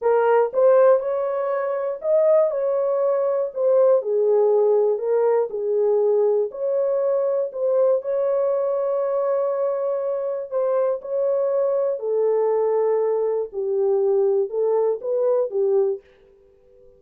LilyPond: \new Staff \with { instrumentName = "horn" } { \time 4/4 \tempo 4 = 120 ais'4 c''4 cis''2 | dis''4 cis''2 c''4 | gis'2 ais'4 gis'4~ | gis'4 cis''2 c''4 |
cis''1~ | cis''4 c''4 cis''2 | a'2. g'4~ | g'4 a'4 b'4 g'4 | }